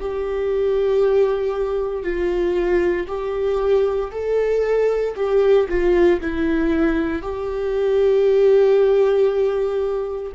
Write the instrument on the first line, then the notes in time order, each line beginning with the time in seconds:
viola
0.00 G4
2.03 F4
3.08 G4
4.11 A4
5.16 G4
5.69 F4
6.21 E4
7.22 G4